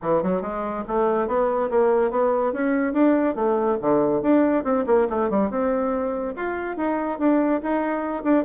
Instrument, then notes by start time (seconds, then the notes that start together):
bassoon
0.01 E3
0.22 F#3
0.41 G#3
0.87 A3
1.27 B3
1.70 A#3
2.10 B3
2.53 C#4
2.93 D4
3.35 A3
3.81 D3
4.22 D4
4.64 C4
4.86 A#3
5.09 A3
5.29 G3
5.50 C4
6.36 F4
6.76 D#4
7.18 D4
7.62 D#4
8.23 D4